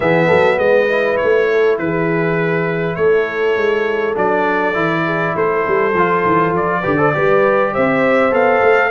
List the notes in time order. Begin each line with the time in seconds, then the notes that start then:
0.00 E3 B3 G#4 E5
0.27 F#3 A4
0.57 G#3 B4 D#5
0.88 E4
1.16 C#5
1.23 A3
1.51 A4
1.78 E3 G#4 B4
2.95 A3 A4 C#5
3.56 G#3
4.15 F#3 D4 D5
4.73 E3 E4
5.04 G#4
5.35 A3 A4 C5
5.67 G3
5.93 F3 F4
6.25 E3
6.52 F3 D5
6.80 D3 G4 B4
6.97 A4 C5
7.13 G3 G4 B4
7.72 C4 C5 E5
8.31 B3 A4 F5
8.62 A3